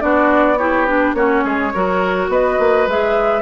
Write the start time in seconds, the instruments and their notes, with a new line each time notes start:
0.00 bassoon B3, clarinet D4, oboe F#4, flute D5
0.58 clarinet E4, oboe G4, flute C#5
0.86 clarinet D4, flute B4
1.14 bassoon A#3, clarinet C#4, oboe F#4, flute C#5
1.45 bassoon G#3, oboe G#4
1.75 bassoon F#3, clarinet F#4, oboe A#4
2.29 bassoon B3, oboe B4, flute D#5
2.59 bassoon A#3
2.88 bassoon G#3, clarinet G#4, flute E5